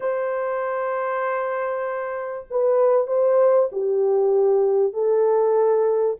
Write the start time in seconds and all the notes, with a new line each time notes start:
0.00 C5
2.50 B4
3.07 C5
3.72 G4
4.93 A4